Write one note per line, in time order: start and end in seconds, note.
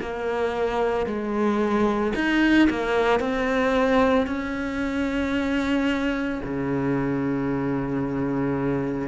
0.00 1.06 A#3
1.06 2.13 G#3
2.15 2.68 D#4
2.69 3.19 A#3
3.19 4.26 C4
4.26 6.40 C#4
6.43 9.08 C#3